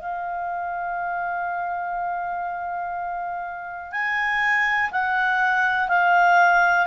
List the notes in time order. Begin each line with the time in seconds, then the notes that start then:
0.00 F5
3.92 G#5
4.92 F#5
5.89 F5